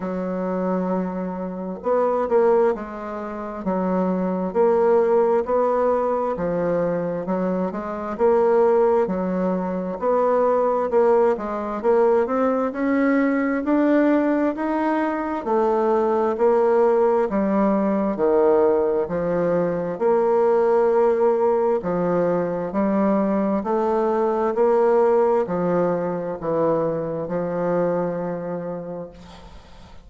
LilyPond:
\new Staff \with { instrumentName = "bassoon" } { \time 4/4 \tempo 4 = 66 fis2 b8 ais8 gis4 | fis4 ais4 b4 f4 | fis8 gis8 ais4 fis4 b4 | ais8 gis8 ais8 c'8 cis'4 d'4 |
dis'4 a4 ais4 g4 | dis4 f4 ais2 | f4 g4 a4 ais4 | f4 e4 f2 | }